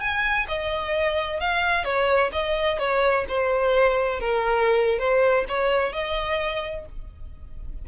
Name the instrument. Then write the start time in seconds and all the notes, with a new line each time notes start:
violin
0.00 G#5
0.48 D#5
1.40 F5
1.84 C#5
2.32 D#5
2.79 C#5
3.28 C5
4.20 A#4
4.99 C5
5.48 C#5
5.93 D#5